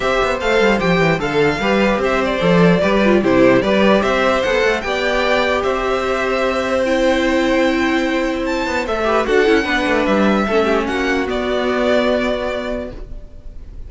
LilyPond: <<
  \new Staff \with { instrumentName = "violin" } { \time 4/4 \tempo 4 = 149 e''4 f''4 g''4 f''4~ | f''4 e''8 d''2~ d''8 | c''4 d''4 e''4 fis''4 | g''2 e''2~ |
e''4 g''2.~ | g''4 a''4 e''4 fis''4~ | fis''4 e''2 fis''4 | d''1 | }
  \new Staff \with { instrumentName = "violin" } { \time 4/4 c''2. a'4 | b'4 c''2 b'4 | g'4 b'4 c''2 | d''2 c''2~ |
c''1~ | c''2~ c''8 b'8 a'4 | b'2 a'8 g'8 fis'4~ | fis'1 | }
  \new Staff \with { instrumentName = "viola" } { \time 4/4 g'4 a'4 g'4 a'4 | g'2 a'4 g'8 f'8 | e'4 g'2 a'4 | g'1~ |
g'4 e'2.~ | e'2 a'8 g'8 fis'8 e'8 | d'2 cis'2 | b1 | }
  \new Staff \with { instrumentName = "cello" } { \time 4/4 c'8 b8 a8 g8 f8 e8 d4 | g4 c'4 f4 g4 | c4 g4 c'4 b8 a8 | b2 c'2~ |
c'1~ | c'4. b8 a4 d'8 cis'8 | b8 a8 g4 a4 ais4 | b1 | }
>>